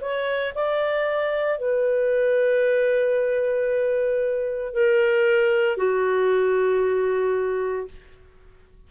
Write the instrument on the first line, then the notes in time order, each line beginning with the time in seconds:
clarinet
0.00 C#5
0.54 D5
1.58 B4
4.73 A#4
5.77 F#4